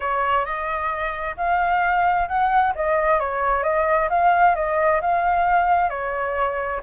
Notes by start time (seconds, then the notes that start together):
0.00 C#5
0.45 D#5
1.37 F5
2.27 F#5
2.75 D#5
3.19 C#5
3.63 D#5
4.09 F5
4.55 D#5
5.01 F5
5.89 C#5